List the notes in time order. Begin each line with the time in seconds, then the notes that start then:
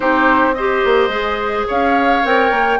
0.00 C4 D#4 G4 C5
0.54 G4 C5 D#5
0.85 A#3
1.08 G#3 G#4
1.67 C#4 C#5 F5
2.24 C4 A#4 G5
2.50 A#3